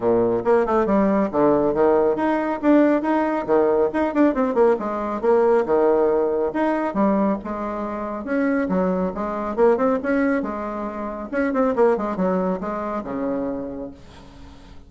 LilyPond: \new Staff \with { instrumentName = "bassoon" } { \time 4/4 \tempo 4 = 138 ais,4 ais8 a8 g4 d4 | dis4 dis'4 d'4 dis'4 | dis4 dis'8 d'8 c'8 ais8 gis4 | ais4 dis2 dis'4 |
g4 gis2 cis'4 | fis4 gis4 ais8 c'8 cis'4 | gis2 cis'8 c'8 ais8 gis8 | fis4 gis4 cis2 | }